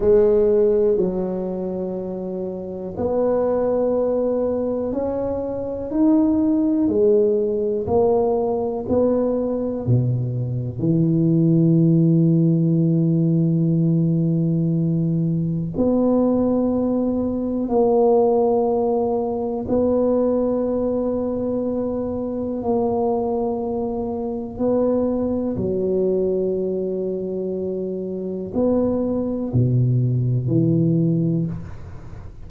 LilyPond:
\new Staff \with { instrumentName = "tuba" } { \time 4/4 \tempo 4 = 61 gis4 fis2 b4~ | b4 cis'4 dis'4 gis4 | ais4 b4 b,4 e4~ | e1 |
b2 ais2 | b2. ais4~ | ais4 b4 fis2~ | fis4 b4 b,4 e4 | }